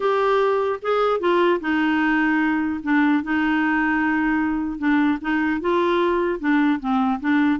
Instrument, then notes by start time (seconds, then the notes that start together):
clarinet
0.00 G4
0.82 G#4
1.20 F4
1.60 D#4
2.83 D4
3.23 D#4
4.78 D4
5.21 D#4
5.60 F4
6.39 D4
6.80 C4
7.20 D4